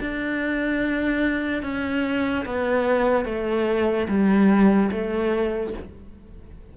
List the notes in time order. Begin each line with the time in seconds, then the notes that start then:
0.00 D4
1.63 C#4
2.45 B3
3.25 A3
4.08 G3
4.91 A3